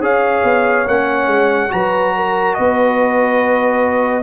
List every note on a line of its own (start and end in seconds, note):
0.00 0.42 C#4
0.00 0.86 G#4
0.00 1.72 C#5
0.00 0.88 F5
0.44 0.87 B3
0.88 1.27 A#3
0.88 1.69 C#4
0.88 1.72 F#5
1.27 1.69 G#3
1.69 2.58 F#3
1.69 4.23 F#4
1.69 2.15 B4
1.69 2.55 A#5
2.16 2.58 A#4
2.55 4.23 B3
2.55 4.23 B4
2.55 4.23 D#5